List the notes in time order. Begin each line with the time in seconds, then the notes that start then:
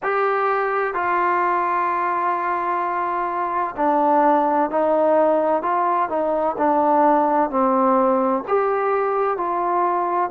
0.03 G4
0.94 F4
3.76 D4
4.70 D#4
5.62 F4
6.09 D#4
6.58 D4
7.50 C4
8.47 G4
9.37 F4